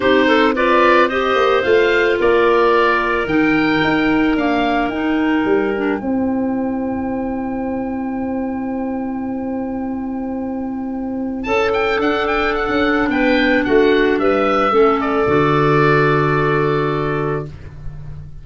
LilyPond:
<<
  \new Staff \with { instrumentName = "oboe" } { \time 4/4 \tempo 4 = 110 c''4 d''4 dis''4 f''4 | d''2 g''2 | f''4 g''2.~ | g''1~ |
g''1~ | g''4 a''8 g''8 fis''8 g''8 fis''4 | g''4 fis''4 e''4. d''8~ | d''1 | }
  \new Staff \with { instrumentName = "clarinet" } { \time 4/4 g'8 a'8 b'4 c''2 | ais'1~ | ais'2. c''4~ | c''1~ |
c''1~ | c''4 a'2. | b'4 fis'4 b'4 a'4~ | a'1 | }
  \new Staff \with { instrumentName = "clarinet" } { \time 4/4 dis'4 f'4 g'4 f'4~ | f'2 dis'2 | ais4 dis'4. d'8 e'4~ | e'1~ |
e'1~ | e'2 d'2~ | d'2. cis'4 | fis'1 | }
  \new Staff \with { instrumentName = "tuba" } { \time 4/4 c'2~ c'8 ais8 a4 | ais2 dis4 dis'4 | d'4 dis'4 g4 c'4~ | c'1~ |
c'1~ | c'4 cis'4 d'4~ d'16 cis'8. | b4 a4 g4 a4 | d1 | }
>>